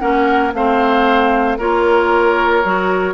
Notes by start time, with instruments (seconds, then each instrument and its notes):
0.00 bassoon A#3, clarinet C#4, oboe A#4, flute F#5
0.54 bassoon A3, clarinet C4, oboe C5, flute F5
1.59 bassoon A#3, clarinet F4, oboe A#4, flute C#5
2.65 bassoon F#3, clarinet F#4